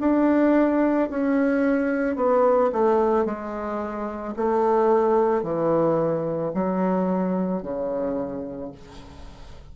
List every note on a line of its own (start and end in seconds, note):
0.00 1.09 D4
1.10 2.16 C#4
2.16 2.71 B3
2.72 3.25 A3
3.25 4.34 G#3
4.36 5.43 A3
5.43 6.52 E3
6.54 7.62 F#3
7.62 8.71 C#3